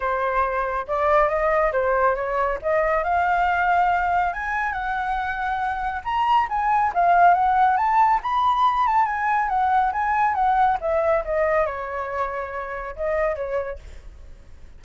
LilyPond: \new Staff \with { instrumentName = "flute" } { \time 4/4 \tempo 4 = 139 c''2 d''4 dis''4 | c''4 cis''4 dis''4 f''4~ | f''2 gis''4 fis''4~ | fis''2 ais''4 gis''4 |
f''4 fis''4 a''4 b''4~ | b''8 a''8 gis''4 fis''4 gis''4 | fis''4 e''4 dis''4 cis''4~ | cis''2 dis''4 cis''4 | }